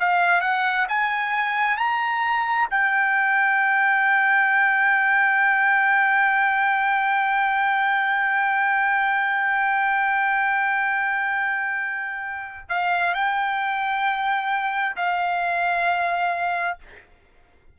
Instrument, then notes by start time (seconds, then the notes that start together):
trumpet
0.00 F5
0.42 F#5
0.89 G#5
1.78 A#5
2.71 G5
12.69 F5
13.14 G5
14.97 F5